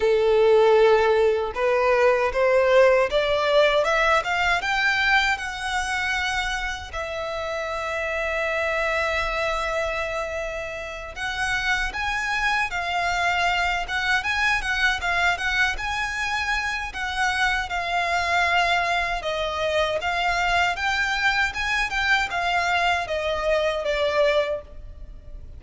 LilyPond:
\new Staff \with { instrumentName = "violin" } { \time 4/4 \tempo 4 = 78 a'2 b'4 c''4 | d''4 e''8 f''8 g''4 fis''4~ | fis''4 e''2.~ | e''2~ e''8 fis''4 gis''8~ |
gis''8 f''4. fis''8 gis''8 fis''8 f''8 | fis''8 gis''4. fis''4 f''4~ | f''4 dis''4 f''4 g''4 | gis''8 g''8 f''4 dis''4 d''4 | }